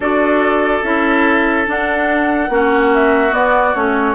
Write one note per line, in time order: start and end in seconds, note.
0.00 0.80 D4
0.00 0.83 F#4
0.00 2.50 A4
0.00 0.83 D5
0.83 1.66 C#4
0.83 1.65 E4
0.83 1.66 E5
1.65 2.49 D4
1.65 2.94 F#5
2.49 3.32 A#3
2.49 3.30 C#4
2.49 4.14 F#4
2.94 3.33 E5
3.30 3.71 B3
3.30 3.74 B3
3.30 3.75 D5
3.74 4.14 A3
3.74 4.14 C#4
3.74 4.14 C#5